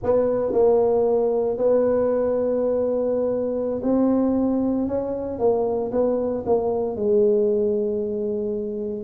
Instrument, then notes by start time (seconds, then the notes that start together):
tuba
0.03 B3
0.52 A#3
1.57 B3
3.83 C4
4.87 C#4
5.38 A#3
5.91 B3
6.46 A#3
6.95 G#3